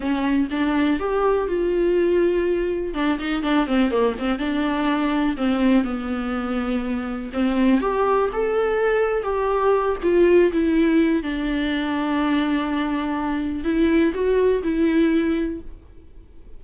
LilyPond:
\new Staff \with { instrumentName = "viola" } { \time 4/4 \tempo 4 = 123 cis'4 d'4 g'4 f'4~ | f'2 d'8 dis'8 d'8 c'8 | ais8 c'8 d'2 c'4 | b2. c'4 |
g'4 a'2 g'4~ | g'8 f'4 e'4. d'4~ | d'1 | e'4 fis'4 e'2 | }